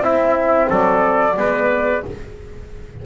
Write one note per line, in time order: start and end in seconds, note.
0.00 0.67 C4
0.00 1.33 C4
0.00 0.69 E4
0.00 0.70 E5
0.69 1.37 F#3
0.69 1.36 A4
0.69 2.05 D5
1.37 2.03 G#3
1.37 2.05 B3
1.37 2.06 B4